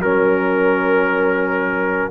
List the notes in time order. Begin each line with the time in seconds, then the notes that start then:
0.00 F#3 C#4 A#4